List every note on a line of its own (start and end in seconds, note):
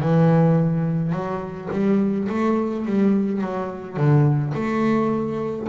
0.00 1.12 E3
1.12 1.69 F#3
1.71 2.27 G3
2.28 2.85 A3
2.86 3.41 G3
3.41 3.97 F#3
3.97 4.53 D3
4.54 5.68 A3